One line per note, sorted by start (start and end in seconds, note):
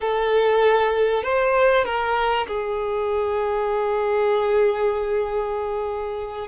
0.00 1.23 A4
1.23 1.84 C5
1.84 2.46 A#4
2.47 6.47 G#4